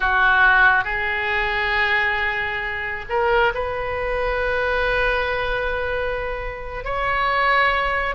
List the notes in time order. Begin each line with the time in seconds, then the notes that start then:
0.00 F#4
0.84 G#4
3.09 A#4
3.54 B4
6.84 C#5